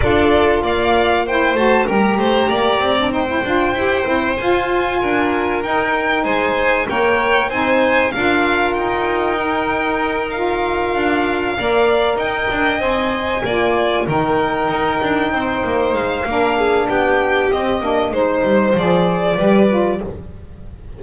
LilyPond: <<
  \new Staff \with { instrumentName = "violin" } { \time 4/4 \tempo 4 = 96 d''4 f''4 g''8 a''8 ais''4~ | ais''4 g''2 gis''4~ | gis''4 g''4 gis''4 g''4 | gis''4 f''4 g''2~ |
g''8 f''2. g''8~ | g''8 gis''2 g''4.~ | g''4. f''4. g''4 | dis''4 c''4 d''2 | }
  \new Staff \with { instrumentName = "violin" } { \time 4/4 a'4 d''4 c''4 ais'8 c''8 | d''4 c''2. | ais'2 c''4 cis''4 | c''4 ais'2.~ |
ais'2~ ais'8 d''4 dis''8~ | dis''4. d''4 ais'4.~ | ais'8 c''4. ais'8 gis'8 g'4~ | g'4 c''2 b'4 | }
  \new Staff \with { instrumentName = "saxophone" } { \time 4/4 f'2 e'8 fis'8 g'4~ | g'8. d'16 dis'16 e'16 f'8 g'8 e'8 f'4~ | f'4 dis'2 ais'4 | dis'4 f'2 dis'4~ |
dis'8 f'2 ais'4.~ | ais'8 c''4 f'4 dis'4.~ | dis'2 d'2 | c'8 d'8 dis'4 gis'4 g'8 f'8 | }
  \new Staff \with { instrumentName = "double bass" } { \time 4/4 d'4 ais4. a8 g8 a8 | ais8 c'4 d'8 e'8 c'8 f'4 | d'4 dis'4 gis4 ais4 | c'4 d'4 dis'2~ |
dis'4. d'4 ais4 dis'8 | d'8 c'4 ais4 dis4 dis'8 | d'8 c'8 ais8 gis8 ais4 b4 | c'8 ais8 gis8 g8 f4 g4 | }
>>